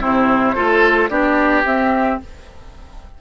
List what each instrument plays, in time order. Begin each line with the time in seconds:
0.00 bassoon C3, clarinet C4, oboe E4, flute C5
0.55 bassoon A3, clarinet F4, oboe A4
1.09 bassoon B3, clarinet D4, oboe G4, flute D5
1.64 bassoon C4, clarinet C4, flute E5